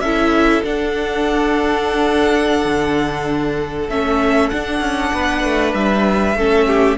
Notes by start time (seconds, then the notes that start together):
0.00 C#4 E4 A4 E5
0.65 D4 F#5
2.65 D3
3.90 A3 C#4 E5
4.50 D4 F#5
4.81 C#4
5.14 B3 B4
5.44 A3
5.74 G3 E5
6.36 A3 C#4 A4
6.68 G4